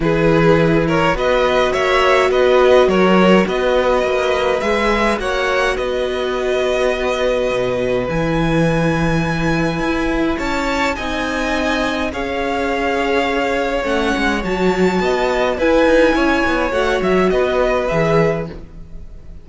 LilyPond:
<<
  \new Staff \with { instrumentName = "violin" } { \time 4/4 \tempo 4 = 104 b'4. cis''8 dis''4 e''4 | dis''4 cis''4 dis''2 | e''4 fis''4 dis''2~ | dis''2 gis''2~ |
gis''2 a''4 gis''4~ | gis''4 f''2. | fis''4 a''2 gis''4~ | gis''4 fis''8 e''8 dis''4 e''4 | }
  \new Staff \with { instrumentName = "violin" } { \time 4/4 gis'4. ais'8 b'4 cis''4 | b'4 ais'4 b'2~ | b'4 cis''4 b'2~ | b'1~ |
b'2 cis''4 dis''4~ | dis''4 cis''2.~ | cis''2 dis''4 b'4 | cis''2 b'2 | }
  \new Staff \with { instrumentName = "viola" } { \time 4/4 e'2 fis'2~ | fis'1 | gis'4 fis'2.~ | fis'2 e'2~ |
e'2. dis'4~ | dis'4 gis'2. | cis'4 fis'2 e'4~ | e'4 fis'2 gis'4 | }
  \new Staff \with { instrumentName = "cello" } { \time 4/4 e2 b4 ais4 | b4 fis4 b4 ais4 | gis4 ais4 b2~ | b4 b,4 e2~ |
e4 e'4 cis'4 c'4~ | c'4 cis'2. | a8 gis8 fis4 b4 e'8 dis'8 | cis'8 b8 a8 fis8 b4 e4 | }
>>